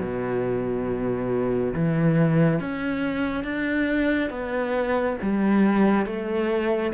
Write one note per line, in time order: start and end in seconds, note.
0.00 1.74 B2
1.74 2.60 E3
2.60 3.44 C#4
3.44 4.30 D4
4.30 5.17 B3
5.22 6.06 G3
6.06 6.93 A3